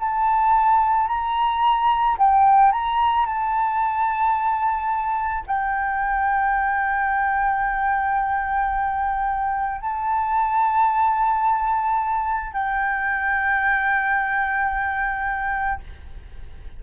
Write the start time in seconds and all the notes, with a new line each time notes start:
0.00 A5
1.08 A#5
2.19 G5
2.73 A#5
3.26 A5
5.47 G5
9.81 A5
12.54 G5